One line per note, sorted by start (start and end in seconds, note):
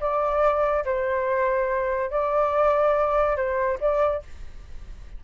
0.00 0.84 D5
0.84 2.10 C5
2.10 3.36 D5
3.36 3.78 C5
3.80 4.22 D5